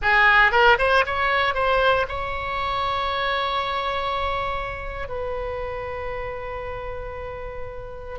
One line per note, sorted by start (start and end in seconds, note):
0.02 0.51 G#4
0.51 0.77 A#4
0.78 1.04 C5
1.06 1.54 C#5
1.54 2.06 C5
2.08 5.08 C#5
5.08 8.19 B4